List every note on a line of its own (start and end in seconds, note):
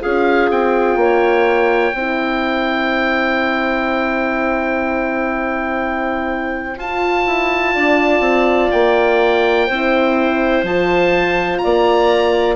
0.00 0.50 C#4
0.00 1.94 F4
0.00 0.98 G#4
0.00 0.50 F5
0.50 0.96 C4
0.50 6.79 G5
0.96 1.92 A#3
0.96 1.96 C#5
1.93 6.76 C4
1.93 6.79 E4
1.93 7.74 C5
6.76 7.24 F4
6.76 9.69 F4
6.76 8.71 A5
7.26 7.74 E4
7.74 8.20 D4
7.74 9.67 D5
8.20 8.68 C4
8.71 9.69 A#3
8.71 10.64 G5
9.67 10.63 C4
9.67 10.65 E4
9.67 11.60 C5
10.63 11.60 F3
10.63 12.55 F4
10.63 11.58 A5
11.58 12.55 D5
11.58 12.54 A#5
11.64 12.55 A#3